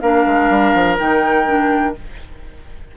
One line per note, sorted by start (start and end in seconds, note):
0.00 0.26 A#3
0.00 0.98 D4
0.00 1.96 A#4
0.00 0.97 F5
0.26 0.49 G#3
0.49 0.73 G3
0.74 0.98 F3
0.98 1.96 D#3
0.98 1.46 D#4
0.98 1.96 G5
1.46 1.94 D4